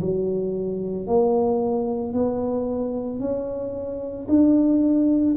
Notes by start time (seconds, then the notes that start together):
0.00 F#3
1.07 A#3
2.13 B3
3.19 C#4
4.28 D4